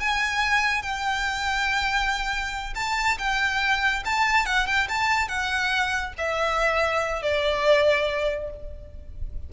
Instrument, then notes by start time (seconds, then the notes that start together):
violin
0.00 G#5
0.83 G5
2.75 A5
3.18 G5
4.05 A5
4.46 F#5
4.67 G5
4.89 A5
5.28 F#5
6.18 E5
7.22 D5